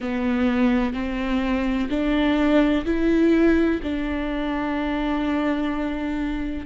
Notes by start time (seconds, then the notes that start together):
0.00 B3
0.93 C4
1.89 D4
2.85 E4
3.83 D4